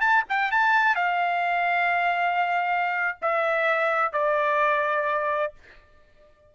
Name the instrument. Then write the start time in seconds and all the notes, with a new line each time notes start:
trumpet
0.00 A5
0.29 G5
0.51 A5
0.95 F5
3.22 E5
4.12 D5